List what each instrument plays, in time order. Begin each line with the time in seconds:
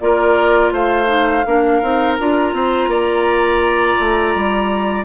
0.00 bassoon A#3, clarinet F4, oboe A#4, flute D5
0.72 bassoon A3, oboe C5, flute F5
1.06 clarinet D#4
1.46 bassoon A#3, clarinet D4, oboe A#4
1.82 bassoon C4, clarinet D#4
2.14 bassoon D4, clarinet F4, flute A#5
2.53 bassoon C4, oboe C5
2.87 bassoon A#3, oboe D5
4.00 bassoon A3
4.35 bassoon G3